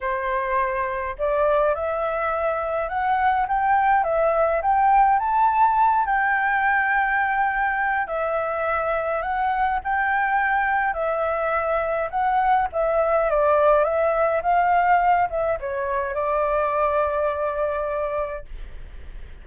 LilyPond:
\new Staff \with { instrumentName = "flute" } { \time 4/4 \tempo 4 = 104 c''2 d''4 e''4~ | e''4 fis''4 g''4 e''4 | g''4 a''4. g''4.~ | g''2 e''2 |
fis''4 g''2 e''4~ | e''4 fis''4 e''4 d''4 | e''4 f''4. e''8 cis''4 | d''1 | }